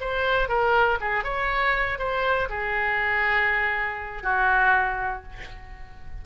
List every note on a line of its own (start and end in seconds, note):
0.00 0.48 C5
0.48 0.98 A#4
1.00 1.23 G#4
1.23 1.98 C#5
1.98 2.48 C5
2.49 4.23 G#4
4.23 5.23 F#4